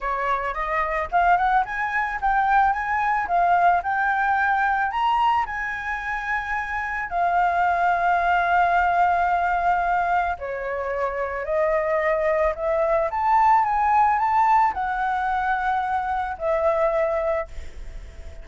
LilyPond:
\new Staff \with { instrumentName = "flute" } { \time 4/4 \tempo 4 = 110 cis''4 dis''4 f''8 fis''8 gis''4 | g''4 gis''4 f''4 g''4~ | g''4 ais''4 gis''2~ | gis''4 f''2.~ |
f''2. cis''4~ | cis''4 dis''2 e''4 | a''4 gis''4 a''4 fis''4~ | fis''2 e''2 | }